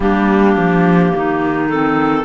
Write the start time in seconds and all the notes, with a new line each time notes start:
0.00 G3 A#3 D4 G4
0.55 F3
1.15 D#3 D#4
1.68 C4 A4